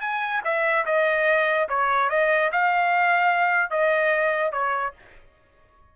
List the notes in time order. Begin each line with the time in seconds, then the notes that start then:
0.00 G#5
0.44 E5
0.85 D#5
1.68 C#5
2.09 D#5
2.51 F5
3.70 D#5
4.52 C#5